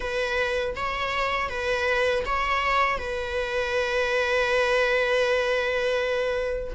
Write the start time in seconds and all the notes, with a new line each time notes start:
0.00 B4
0.75 C#5
1.49 B4
2.25 C#5
2.98 B4